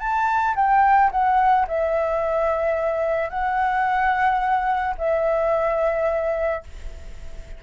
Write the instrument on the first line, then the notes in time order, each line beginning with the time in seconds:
flute
0.00 A5
0.56 G5
1.12 F#5
1.68 E5
3.30 F#5
4.99 E5